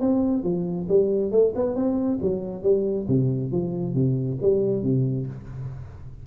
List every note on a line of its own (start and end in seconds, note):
0.00 0.43 C4
0.43 0.87 F3
0.88 1.31 G3
1.31 1.53 A3
1.55 1.75 B3
1.75 2.19 C4
2.22 2.62 F#3
2.62 3.06 G3
3.08 3.51 C3
3.51 3.94 F3
3.94 4.38 C3
4.41 4.83 G3
4.83 5.26 C3